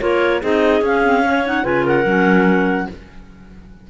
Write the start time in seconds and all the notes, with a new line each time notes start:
0.00 A#3 F4 A#4 C#5
0.41 C4 D#4 G#4 D#5
0.81 C#4 F5
1.03 C4
1.21 C#4 C#5
1.45 D#4 F#5
1.62 C#3 F4 B4 G#5
1.84 A#4 F#5
2.05 F#3 C#4